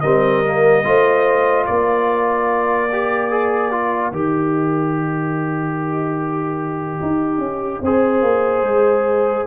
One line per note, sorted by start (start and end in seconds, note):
0.00 0.85 G3
0.00 0.44 C4
0.00 0.83 A#4
0.00 1.64 D#5
0.44 0.83 A#3
0.83 1.67 A3
0.83 2.89 F4
0.83 1.69 C5
1.66 4.11 A#3
1.66 7.84 A#4
1.66 4.12 D5
2.92 3.30 G4
3.30 3.71 G#4
3.71 4.12 F4
4.11 6.99 D#3
4.11 7.83 G4
4.11 9.47 D#5
7.01 7.38 D#4
7.38 7.79 C#4
7.82 8.22 C4
7.82 9.47 G#4
7.82 9.47 C5
8.22 8.62 A#3
8.62 9.44 G#3